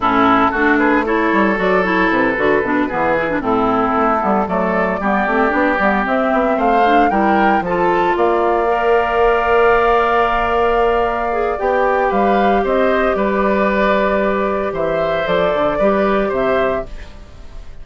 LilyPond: <<
  \new Staff \with { instrumentName = "flute" } { \time 4/4 \tempo 4 = 114 a'4. b'8 cis''4 d''8 cis''8 | b'2~ b'8 a'4.~ | a'8 d''2. e''8~ | e''8 f''4 g''4 a''4 f''8~ |
f''1~ | f''2 g''4 f''4 | dis''4 d''2. | e''4 d''2 e''4 | }
  \new Staff \with { instrumentName = "oboe" } { \time 4/4 e'4 fis'8 gis'8 a'2~ | a'4. gis'4 e'4.~ | e'8 a'4 g'2~ g'8~ | g'8 c''4 ais'4 a'4 d''8~ |
d''1~ | d''2. b'4 | c''4 b'2. | c''2 b'4 c''4 | }
  \new Staff \with { instrumentName = "clarinet" } { \time 4/4 cis'4 d'4 e'4 fis'8 e'8~ | e'8 fis'8 d'8 b8 e'16 d'16 c'4. | b8 a4 b8 c'8 d'8 b8 c'8~ | c'4 d'8 e'4 f'4.~ |
f'8 ais'2.~ ais'8~ | ais'4. gis'8 g'2~ | g'1~ | g'4 a'4 g'2 | }
  \new Staff \with { instrumentName = "bassoon" } { \time 4/4 a,4 a4. g8 fis4 | c8 d8 b,8 e4 a,4 a8 | g8 fis4 g8 a8 b8 g8 c'8 | b8 a4 g4 f4 ais8~ |
ais1~ | ais2 b4 g4 | c'4 g2. | e4 f8 d8 g4 c4 | }
>>